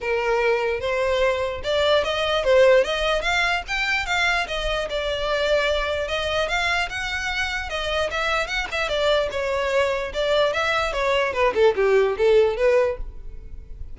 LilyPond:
\new Staff \with { instrumentName = "violin" } { \time 4/4 \tempo 4 = 148 ais'2 c''2 | d''4 dis''4 c''4 dis''4 | f''4 g''4 f''4 dis''4 | d''2. dis''4 |
f''4 fis''2 dis''4 | e''4 fis''8 e''8 d''4 cis''4~ | cis''4 d''4 e''4 cis''4 | b'8 a'8 g'4 a'4 b'4 | }